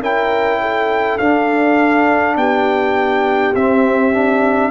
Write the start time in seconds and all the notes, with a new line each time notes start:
0.00 C#4 E4 A#4 G5
0.62 A4
1.18 D4 F5
2.36 B3 G4 G5
3.55 C4 E5
4.13 D4